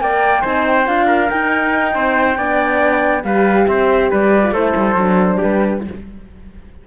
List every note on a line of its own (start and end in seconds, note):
0.00 0.43 A#3
0.00 0.42 A#4
0.00 0.41 D5
0.00 0.43 G5
0.41 0.87 C4
0.41 0.85 D#4
0.41 1.05 C5
0.41 0.65 G#5
0.66 0.86 G5
0.86 1.30 D4
0.86 1.29 F4
0.86 1.29 F5
1.06 1.93 A#4
1.29 2.37 D#4
1.29 1.95 D#4
1.29 3.24 G5
1.94 2.37 C4
1.94 2.37 C5
2.37 3.23 B3
2.37 3.23 D4
2.37 3.24 D5
3.23 3.67 G3
3.23 4.42 G4
3.23 3.68 B4
3.23 3.67 F5
3.67 4.11 C4
3.67 4.10 C5
3.67 4.10 E5
4.10 4.51 G3
4.10 4.53 B4
4.10 4.54 D5
4.42 4.53 F4
4.51 4.72 A3
4.51 4.96 E4
4.51 5.37 A4
4.51 5.40 C5
4.76 4.94 G3
4.94 5.37 F#3
4.94 5.84 D4
5.37 5.80 G4
5.37 5.83 B4
5.43 5.87 G3